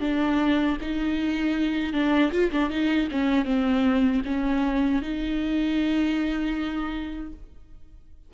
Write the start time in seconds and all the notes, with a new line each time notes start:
0.00 D4
0.81 D#4
1.93 D4
2.32 F4
2.51 D4
2.70 D#4
3.11 C#4
3.45 C4
4.25 C#4
5.02 D#4